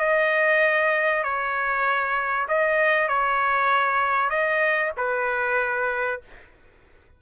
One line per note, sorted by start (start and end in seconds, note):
0.00 1.24 D#5
1.24 2.47 C#5
2.49 3.08 D#5
3.08 4.30 C#5
4.30 4.92 D#5
4.97 6.21 B4